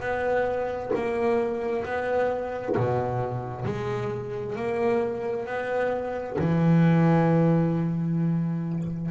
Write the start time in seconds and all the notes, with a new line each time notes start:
0.00 B3
0.95 A#3
1.85 B3
2.77 B2
3.65 G#3
4.56 A#3
5.46 B3
6.38 E3